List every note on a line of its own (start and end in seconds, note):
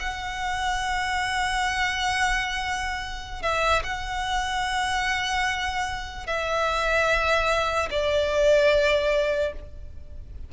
0.00 3.42 F#5
3.42 3.83 E5
3.84 6.27 F#5
6.27 7.89 E5
7.91 9.53 D5